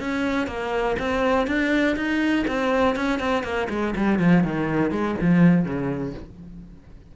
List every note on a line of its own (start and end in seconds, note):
0.00 0.47 C#4
0.47 0.96 A#3
0.99 1.47 C4
1.47 1.96 D4
1.96 2.45 D#4
2.47 2.96 C4
2.96 3.19 C#4
3.19 3.43 C4
3.43 3.68 A#3
3.70 3.94 G#3
3.96 4.19 G3
4.19 4.44 F3
4.44 4.91 D#3
4.91 5.15 G#3
5.21 5.65 F3
5.65 6.14 C#3